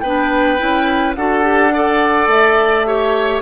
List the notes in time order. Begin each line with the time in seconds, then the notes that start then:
0.00 B3 D4 B4 G5
0.58 C#4 E4
1.15 D4 F#4 A4 F#5
1.42 G4
1.74 A4 D5
2.27 A3 E5
2.86 G4 C#5